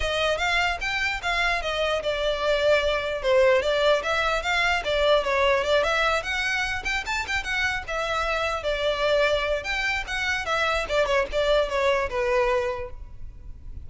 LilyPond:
\new Staff \with { instrumentName = "violin" } { \time 4/4 \tempo 4 = 149 dis''4 f''4 g''4 f''4 | dis''4 d''2. | c''4 d''4 e''4 f''4 | d''4 cis''4 d''8 e''4 fis''8~ |
fis''4 g''8 a''8 g''8 fis''4 e''8~ | e''4. d''2~ d''8 | g''4 fis''4 e''4 d''8 cis''8 | d''4 cis''4 b'2 | }